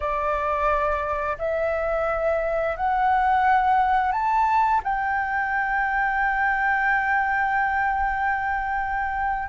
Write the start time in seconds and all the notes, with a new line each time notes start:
0.00 D5
1.38 E5
2.76 F#5
4.12 A5
4.83 G5